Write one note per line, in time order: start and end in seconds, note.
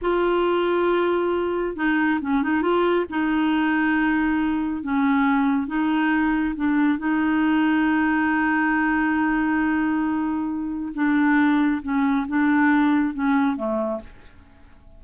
0.01 1.75 F4
1.75 2.19 D#4
2.21 2.42 C#4
2.42 2.62 D#4
2.62 3.05 F4
3.09 4.82 D#4
4.82 5.67 C#4
5.67 6.55 D#4
6.55 6.98 D4
6.98 10.92 D#4
10.94 11.81 D4
11.82 12.26 C#4
12.27 13.14 D4
13.14 13.56 C#4
13.56 14.00 A3